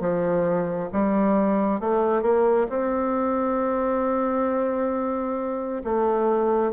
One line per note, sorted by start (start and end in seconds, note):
0.00 0.90 F3
0.93 1.80 G3
1.80 2.22 A3
2.22 2.67 A#3
2.69 5.83 C4
5.85 6.72 A3